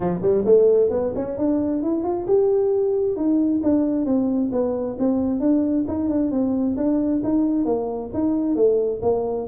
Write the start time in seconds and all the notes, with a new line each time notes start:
0.00 F3
0.21 G3
0.45 A3
0.90 B3
1.15 C#4
1.37 D4
1.82 E4
2.03 F4
2.27 G4
3.16 D#4
3.63 D4
4.05 C4
4.51 B3
4.98 C4
5.40 D4
5.87 D#4
6.09 D4
6.31 C4
6.76 D4
7.23 D#4
7.65 A#3
8.13 D#4
8.55 A3
9.02 A#3